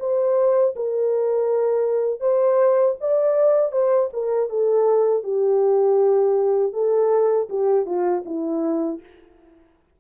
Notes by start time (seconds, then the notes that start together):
0.00 C5
0.76 A#4
2.21 C5
3.01 D5
3.72 C5
4.13 A#4
4.50 A4
5.24 G4
6.73 A4
7.50 G4
7.86 F4
8.26 E4